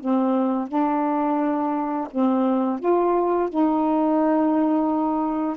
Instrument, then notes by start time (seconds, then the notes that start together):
saxophone
0.00 C4
0.68 D4
2.11 C4
2.79 F4
3.49 D#4